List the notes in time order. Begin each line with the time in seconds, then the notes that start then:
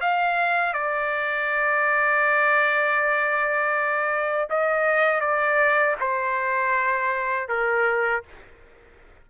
0.00 F5
0.73 D5
4.49 D#5
5.20 D5
6.00 C5
7.48 A#4